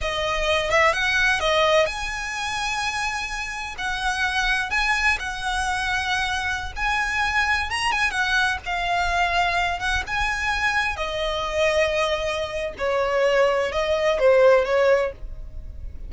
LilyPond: \new Staff \with { instrumentName = "violin" } { \time 4/4 \tempo 4 = 127 dis''4. e''8 fis''4 dis''4 | gis''1 | fis''2 gis''4 fis''4~ | fis''2~ fis''16 gis''4.~ gis''16~ |
gis''16 ais''8 gis''8 fis''4 f''4.~ f''16~ | f''8. fis''8 gis''2 dis''8.~ | dis''2. cis''4~ | cis''4 dis''4 c''4 cis''4 | }